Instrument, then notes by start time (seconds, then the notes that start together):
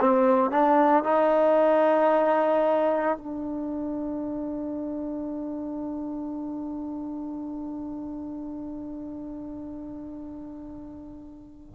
trombone
0.00 C4
0.50 D4
1.03 D#4
3.17 D4